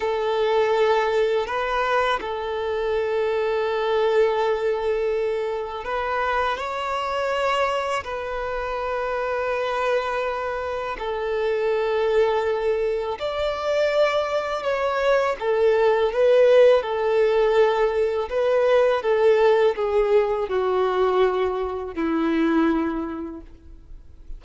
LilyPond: \new Staff \with { instrumentName = "violin" } { \time 4/4 \tempo 4 = 82 a'2 b'4 a'4~ | a'1 | b'4 cis''2 b'4~ | b'2. a'4~ |
a'2 d''2 | cis''4 a'4 b'4 a'4~ | a'4 b'4 a'4 gis'4 | fis'2 e'2 | }